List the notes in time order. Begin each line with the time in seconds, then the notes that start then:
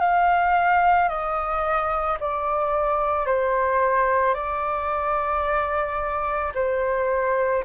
0.00 F5
1.09 D#5
2.20 D5
3.26 C5
4.34 D5
6.55 C5